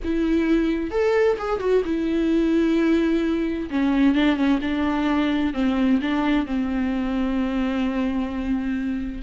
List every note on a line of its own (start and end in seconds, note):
0.04 0.91 E4
0.91 1.37 A4
1.38 1.59 G#4
1.59 1.82 F#4
1.84 3.69 E4
3.70 4.14 C#4
4.14 4.36 D4
4.36 4.59 C#4
4.61 5.53 D4
5.53 5.99 C4
6.01 6.46 D4
6.46 9.22 C4